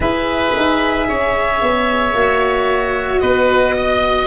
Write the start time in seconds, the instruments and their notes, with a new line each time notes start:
0.00 tuba E4, cello G#4, oboe B4, violin E5
0.56 tuba D#4
1.08 tuba C#4, oboe C#5
1.61 tuba B3
2.13 tuba A#3, cello F#4
3.20 tuba B3, oboe B4, violin D#5
3.76 oboe D#5